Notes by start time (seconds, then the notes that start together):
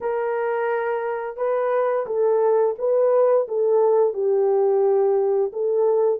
0.00 A#4
1.36 B4
2.06 A4
2.78 B4
3.47 A4
4.13 G4
5.52 A4